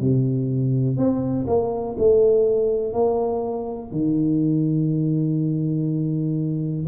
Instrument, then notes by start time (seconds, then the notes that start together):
tuba
0.00 C3
0.97 C4
1.47 A#3
1.98 A3
2.92 A#3
3.91 D#3